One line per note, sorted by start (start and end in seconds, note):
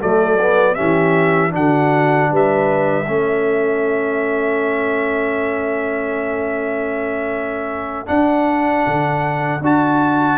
0.00 0.79 F#3
0.00 0.38 A3
0.00 0.74 A4
0.00 0.74 D5
0.40 0.76 B3
0.74 1.55 E3
0.74 1.50 C#4
0.74 1.51 G4
0.74 1.51 E5
1.50 2.31 D3
1.50 3.04 D4
1.50 2.31 F#4
1.50 2.32 F#5
2.31 3.08 G3
2.31 3.07 B4
2.31 8.07 E5
3.07 8.08 A3
3.07 8.06 C#4
3.07 10.38 A4
8.06 9.60 D4
8.06 8.86 D4
8.06 9.61 F#5
8.86 9.61 D3
9.61 10.38 D4
9.61 10.38 F#4
9.61 10.38 A5